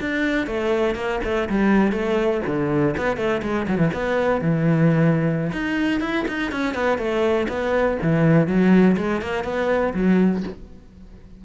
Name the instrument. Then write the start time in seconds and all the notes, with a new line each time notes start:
cello
0.00 D4
0.46 A3
0.95 A#3
1.24 A3
1.49 G3
1.92 A3
2.46 D3
2.97 B3
3.17 A3
3.42 G#3
3.67 F#3
3.77 E3
3.93 B3
4.41 E3
5.52 D#4
6.00 E4
6.28 D#4
6.51 C#4
6.74 B3
6.97 A3
7.48 B3
8.02 E3
8.47 F#3
8.96 G#3
9.21 A#3
9.44 B3
9.94 F#3